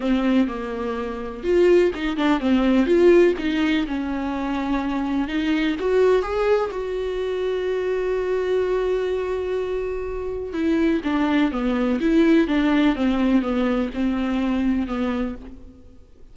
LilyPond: \new Staff \with { instrumentName = "viola" } { \time 4/4 \tempo 4 = 125 c'4 ais2 f'4 | dis'8 d'8 c'4 f'4 dis'4 | cis'2. dis'4 | fis'4 gis'4 fis'2~ |
fis'1~ | fis'2 e'4 d'4 | b4 e'4 d'4 c'4 | b4 c'2 b4 | }